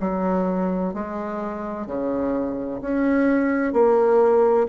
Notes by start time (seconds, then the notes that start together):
0.00 F#3
0.94 G#3
1.87 C#3
2.81 C#4
3.73 A#3